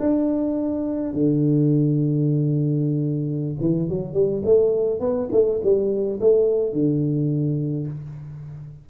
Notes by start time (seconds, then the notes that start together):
0.00 D4
1.14 D3
3.60 E3
3.89 F#3
4.14 G3
4.45 A3
5.00 B3
5.32 A3
5.63 G3
6.21 A3
6.73 D3